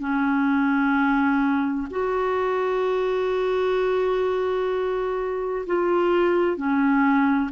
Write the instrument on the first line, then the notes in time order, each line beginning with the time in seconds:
clarinet
0.00 C#4
1.90 F#4
5.66 F4
6.57 C#4